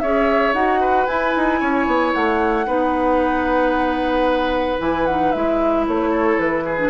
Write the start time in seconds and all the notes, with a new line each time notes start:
0.00 C#4 G#4 C#5 E5
0.54 D#4 F#4 F#5
0.81 B4
1.07 E4 G#5
1.37 D#4
1.61 C#4 C#5
1.87 B3
2.13 A3 F#5
2.67 B3 D#4 B4
4.78 E3 E4 G#5
5.07 D#4 F#5
5.32 G#3 E4 E5
5.87 A3 C#5
6.11 A4
6.39 E3 B4
6.65 G#4
6.78 D4